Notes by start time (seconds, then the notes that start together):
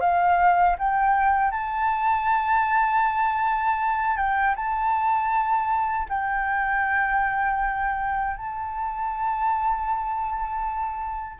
0.00 F5
0.78 G5
1.51 A5
4.16 G5
4.55 A5
6.09 G5
8.36 A5